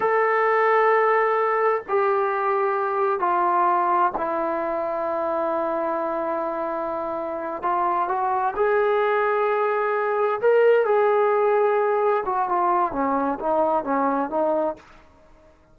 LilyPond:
\new Staff \with { instrumentName = "trombone" } { \time 4/4 \tempo 4 = 130 a'1 | g'2. f'4~ | f'4 e'2.~ | e'1~ |
e'8 f'4 fis'4 gis'4.~ | gis'2~ gis'8 ais'4 gis'8~ | gis'2~ gis'8 fis'8 f'4 | cis'4 dis'4 cis'4 dis'4 | }